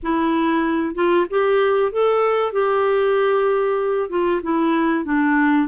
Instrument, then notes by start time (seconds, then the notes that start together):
clarinet
0.02 E4
0.94 F4
1.29 G4
1.91 A4
2.52 G4
4.09 F4
4.42 E4
5.04 D4